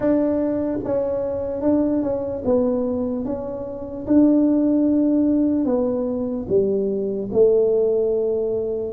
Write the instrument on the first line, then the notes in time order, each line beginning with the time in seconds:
tuba
0.00 D4
0.84 C#4
1.61 D4
2.02 C#4
2.44 B3
3.25 C#4
4.07 D4
5.65 B3
6.48 G3
7.32 A3